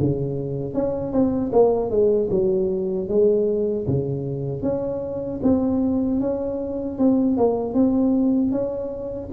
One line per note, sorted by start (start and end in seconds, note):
0.00 0.74 C#3
0.74 1.13 C#4
1.13 1.52 C4
1.53 1.91 A#3
1.91 2.30 G#3
2.31 3.09 F#3
3.09 3.87 G#3
3.87 4.63 C#3
4.63 5.40 C#4
5.43 6.21 C4
6.21 6.98 C#4
6.99 7.37 C4
7.37 7.74 A#3
7.74 8.52 C4
8.52 9.30 C#4